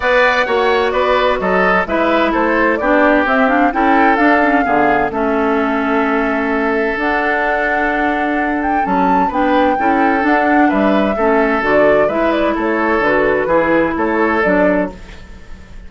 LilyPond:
<<
  \new Staff \with { instrumentName = "flute" } { \time 4/4 \tempo 4 = 129 fis''2 d''4 dis''4 | e''4 c''4 d''4 e''8 f''8 | g''4 f''2 e''4~ | e''2. fis''4~ |
fis''2~ fis''8 g''8 a''4 | g''2 fis''4 e''4~ | e''4 d''4 e''8 d''8 cis''4 | b'2 cis''4 d''4 | }
  \new Staff \with { instrumentName = "oboe" } { \time 4/4 d''4 cis''4 b'4 a'4 | b'4 a'4 g'2 | a'2 gis'4 a'4~ | a'1~ |
a'1 | b'4 a'2 b'4 | a'2 b'4 a'4~ | a'4 gis'4 a'2 | }
  \new Staff \with { instrumentName = "clarinet" } { \time 4/4 b'4 fis'2. | e'2 d'4 c'8 d'8 | e'4 d'8 cis'8 b4 cis'4~ | cis'2. d'4~ |
d'2. cis'4 | d'4 e'4 d'2 | cis'4 fis'4 e'2 | fis'4 e'2 d'4 | }
  \new Staff \with { instrumentName = "bassoon" } { \time 4/4 b4 ais4 b4 fis4 | gis4 a4 b4 c'4 | cis'4 d'4 d4 a4~ | a2. d'4~ |
d'2. fis4 | b4 cis'4 d'4 g4 | a4 d4 gis4 a4 | d4 e4 a4 fis4 | }
>>